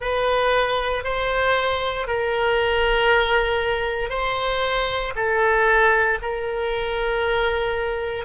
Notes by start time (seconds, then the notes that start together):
0.00 B4
1.03 C5
2.07 A#4
4.09 C5
5.15 A4
6.22 A#4